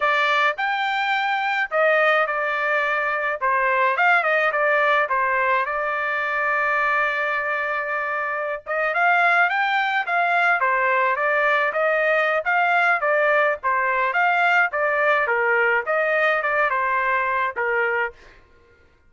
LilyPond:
\new Staff \with { instrumentName = "trumpet" } { \time 4/4 \tempo 4 = 106 d''4 g''2 dis''4 | d''2 c''4 f''8 dis''8 | d''4 c''4 d''2~ | d''2.~ d''16 dis''8 f''16~ |
f''8. g''4 f''4 c''4 d''16~ | d''8. dis''4~ dis''16 f''4 d''4 | c''4 f''4 d''4 ais'4 | dis''4 d''8 c''4. ais'4 | }